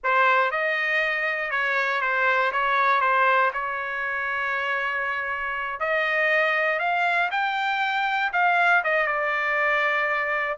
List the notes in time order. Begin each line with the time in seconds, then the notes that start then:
0.03 C5
0.51 D#5
1.50 C#5
2.01 C5
2.52 C#5
3.00 C5
3.53 C#5
5.79 D#5
6.79 F5
7.31 G5
8.32 F5
8.83 D#5
9.06 D5